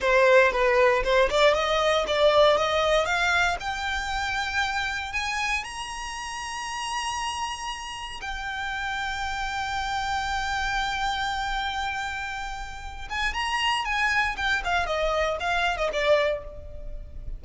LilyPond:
\new Staff \with { instrumentName = "violin" } { \time 4/4 \tempo 4 = 117 c''4 b'4 c''8 d''8 dis''4 | d''4 dis''4 f''4 g''4~ | g''2 gis''4 ais''4~ | ais''1 |
g''1~ | g''1~ | g''4. gis''8 ais''4 gis''4 | g''8 f''8 dis''4 f''8. dis''16 d''4 | }